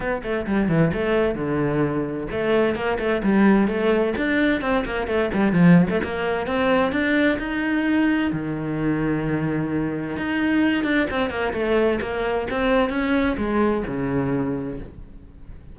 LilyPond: \new Staff \with { instrumentName = "cello" } { \time 4/4 \tempo 4 = 130 b8 a8 g8 e8 a4 d4~ | d4 a4 ais8 a8 g4 | a4 d'4 c'8 ais8 a8 g8 | f8. a16 ais4 c'4 d'4 |
dis'2 dis2~ | dis2 dis'4. d'8 | c'8 ais8 a4 ais4 c'4 | cis'4 gis4 cis2 | }